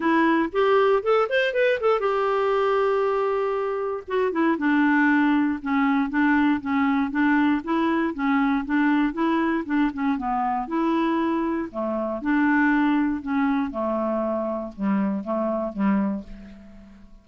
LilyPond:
\new Staff \with { instrumentName = "clarinet" } { \time 4/4 \tempo 4 = 118 e'4 g'4 a'8 c''8 b'8 a'8 | g'1 | fis'8 e'8 d'2 cis'4 | d'4 cis'4 d'4 e'4 |
cis'4 d'4 e'4 d'8 cis'8 | b4 e'2 a4 | d'2 cis'4 a4~ | a4 g4 a4 g4 | }